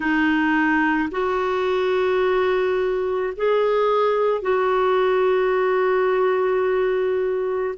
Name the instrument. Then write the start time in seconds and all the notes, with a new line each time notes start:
clarinet
0.00 D#4
1.11 F#4
3.36 G#4
4.41 F#4